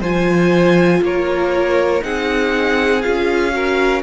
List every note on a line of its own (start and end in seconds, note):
0.00 1.01 F3
0.00 2.02 F4
0.00 1.00 C5
0.00 1.03 G#5
1.02 2.02 A#3
1.02 2.04 A#4
1.02 2.04 C#5
2.02 3.04 C4
2.02 3.02 D#4
2.02 3.54 G#4
2.02 3.02 F#5
3.02 4.03 C#4
3.02 3.52 F4
3.02 4.02 F5
3.52 4.02 F#4
3.52 4.03 A#4